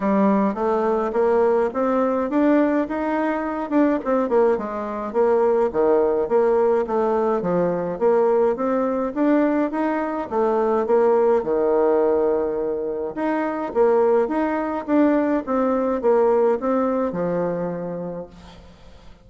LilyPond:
\new Staff \with { instrumentName = "bassoon" } { \time 4/4 \tempo 4 = 105 g4 a4 ais4 c'4 | d'4 dis'4. d'8 c'8 ais8 | gis4 ais4 dis4 ais4 | a4 f4 ais4 c'4 |
d'4 dis'4 a4 ais4 | dis2. dis'4 | ais4 dis'4 d'4 c'4 | ais4 c'4 f2 | }